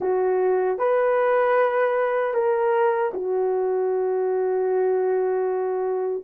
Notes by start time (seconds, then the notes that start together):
0.00 F#4
0.78 B4
2.33 A#4
3.13 F#4